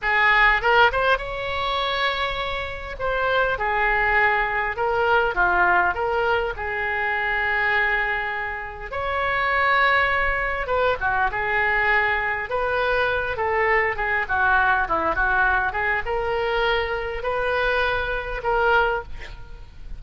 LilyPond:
\new Staff \with { instrumentName = "oboe" } { \time 4/4 \tempo 4 = 101 gis'4 ais'8 c''8 cis''2~ | cis''4 c''4 gis'2 | ais'4 f'4 ais'4 gis'4~ | gis'2. cis''4~ |
cis''2 b'8 fis'8 gis'4~ | gis'4 b'4. a'4 gis'8 | fis'4 e'8 fis'4 gis'8 ais'4~ | ais'4 b'2 ais'4 | }